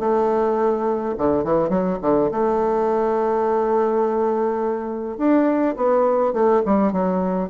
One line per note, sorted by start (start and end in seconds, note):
0.00 1.15 A3
1.18 1.44 D3
1.44 1.69 E3
1.69 1.98 F#3
2.02 2.31 D3
2.31 5.18 A3
5.18 5.76 D4
5.77 6.34 B3
6.34 6.62 A3
6.66 6.93 G3
6.93 7.50 F#3